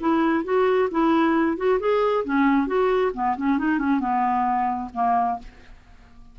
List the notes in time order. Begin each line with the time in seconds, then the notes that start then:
0.00 E4
0.44 F#4
0.91 E4
1.57 F#4
1.79 G#4
2.24 C#4
2.67 F#4
3.13 B3
3.37 C#4
3.58 D#4
3.78 C#4
3.99 B3
4.93 A#3